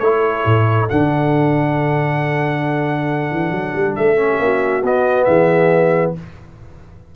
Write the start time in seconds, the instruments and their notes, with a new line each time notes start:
0.00 tuba A3, trombone E4, horn A4, trumpet C#5
0.46 tuba A2
0.90 tuba D3, trombone D4, trumpet F#5
3.32 tuba E3
3.52 tuba F#3
3.75 tuba G3
3.96 tuba A3, trumpet E5
4.17 trombone C#4
4.30 horn G4
4.39 tuba A#3, horn F#4
4.83 tuba B3, trombone B3, trumpet D#5
5.24 tuba E3, horn G#4, trumpet E5